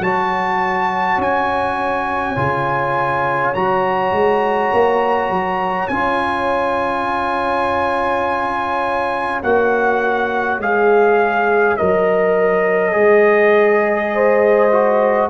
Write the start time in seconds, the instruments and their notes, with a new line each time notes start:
0.00 tuba F#3, trombone F#4, horn C#5, trumpet A5
1.18 tuba C#4, trumpet G#5
2.37 tuba C#3, trombone F4
3.55 tuba F#3, trombone F#4, trumpet A#5
4.12 tuba G#3
4.73 tuba A#3
5.30 tuba F#3
5.88 tuba C#4, trombone F4, trumpet G#5
9.43 tuba A#3, trombone F#4, trumpet F#5
10.59 tuba G#3, trombone G#4, trumpet F5
11.77 tuba F#3, trombone A#4, trumpet D#5
12.92 tuba G#3, trombone G#4
14.14 horn C5
14.72 trombone F#4